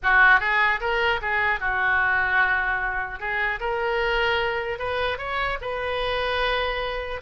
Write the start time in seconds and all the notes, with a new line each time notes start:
0.02 F#4
0.40 G#4
0.80 A#4
1.21 G#4
1.60 F#4
3.19 G#4
3.60 A#4
4.79 B4
5.17 C#5
5.61 B4